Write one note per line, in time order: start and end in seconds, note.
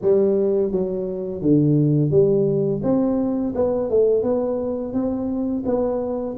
0.01 0.71 G3
0.71 1.41 F#3
1.41 2.10 D3
2.10 2.81 G3
2.83 3.54 C4
3.55 3.90 B3
3.90 4.23 A3
4.23 4.93 B3
4.93 5.63 C4
5.65 6.36 B3